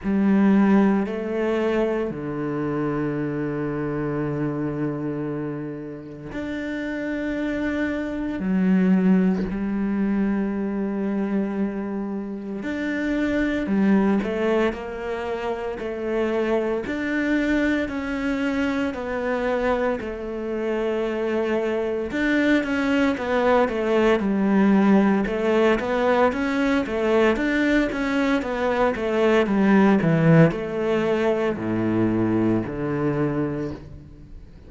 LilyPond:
\new Staff \with { instrumentName = "cello" } { \time 4/4 \tempo 4 = 57 g4 a4 d2~ | d2 d'2 | fis4 g2. | d'4 g8 a8 ais4 a4 |
d'4 cis'4 b4 a4~ | a4 d'8 cis'8 b8 a8 g4 | a8 b8 cis'8 a8 d'8 cis'8 b8 a8 | g8 e8 a4 a,4 d4 | }